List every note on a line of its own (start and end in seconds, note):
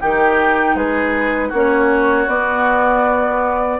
0.00 0.75 D#3
0.00 1.53 D#4
0.00 0.76 G4
0.00 0.75 G5
0.75 1.51 G#3
0.75 1.49 G#4
0.75 1.51 B4
1.49 2.27 A#3
1.49 2.28 C#4
1.49 3.76 F#4
1.55 2.29 C#5
2.27 3.79 B3
2.27 3.80 B3
2.27 3.80 D5